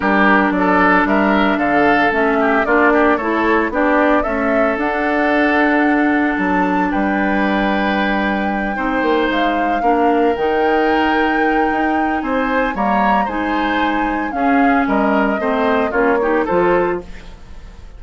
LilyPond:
<<
  \new Staff \with { instrumentName = "flute" } { \time 4/4 \tempo 4 = 113 ais'4 d''4 e''4 f''4 | e''4 d''4 cis''4 d''4 | e''4 fis''2. | a''4 g''2.~ |
g''4. f''2 g''8~ | g''2. gis''4 | ais''4 gis''2 f''4 | dis''2 cis''4 c''4 | }
  \new Staff \with { instrumentName = "oboe" } { \time 4/4 g'4 a'4 ais'4 a'4~ | a'8 g'8 f'8 g'8 a'4 g'4 | a'1~ | a'4 b'2.~ |
b'8 c''2 ais'4.~ | ais'2. c''4 | cis''4 c''2 gis'4 | ais'4 c''4 f'8 g'8 a'4 | }
  \new Staff \with { instrumentName = "clarinet" } { \time 4/4 d'1 | cis'4 d'4 e'4 d'4 | a4 d'2.~ | d'1~ |
d'8 dis'2 d'4 dis'8~ | dis'1 | ais4 dis'2 cis'4~ | cis'4 c'4 cis'8 dis'8 f'4 | }
  \new Staff \with { instrumentName = "bassoon" } { \time 4/4 g4 fis4 g4 d4 | a4 ais4 a4 b4 | cis'4 d'2. | fis4 g2.~ |
g8 c'8 ais8 gis4 ais4 dis8~ | dis2 dis'4 c'4 | g4 gis2 cis'4 | g4 a4 ais4 f4 | }
>>